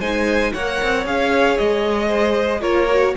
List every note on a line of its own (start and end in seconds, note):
0.00 0.53 G#3
0.00 0.55 D#4
0.00 0.53 C5
0.00 0.53 G#5
0.54 0.81 A#3
0.54 1.05 A#4
0.54 2.08 C#5
0.54 1.06 F#5
0.82 1.06 C4
1.05 1.58 C#4
1.05 2.62 G#4
1.05 1.58 F5
1.58 2.62 G#3
1.58 2.62 D#5
2.08 2.61 C5
2.62 3.15 A#3
2.62 2.88 F4
2.62 3.14 A#4
2.62 3.15 C#5
2.90 3.17 F#4